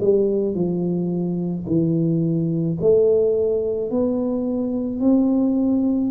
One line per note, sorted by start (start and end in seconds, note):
0.00 0.55 G3
0.55 1.66 F3
1.67 2.78 E3
2.81 3.90 A3
3.90 5.00 B3
5.00 6.11 C4